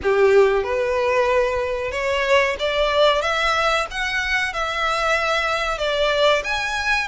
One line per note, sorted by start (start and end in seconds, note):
0.02 0.63 G4
0.63 1.91 B4
1.91 2.56 C#5
2.59 3.21 D5
3.21 3.86 E5
3.90 4.53 F#5
4.53 5.78 E5
5.78 6.42 D5
6.43 7.07 G#5